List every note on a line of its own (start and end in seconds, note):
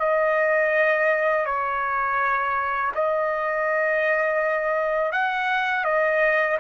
0.00 1.46 D#5
1.46 2.92 C#5
2.95 5.12 D#5
5.12 5.85 F#5
5.85 6.58 D#5